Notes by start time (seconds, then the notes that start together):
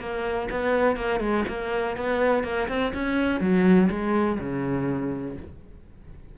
0.00 A#3
0.50 B3
0.96 A#3
1.20 G#3
1.48 A#3
1.97 B3
2.44 A#3
2.68 C4
2.94 C#4
3.40 F#3
3.90 G#3
4.39 C#3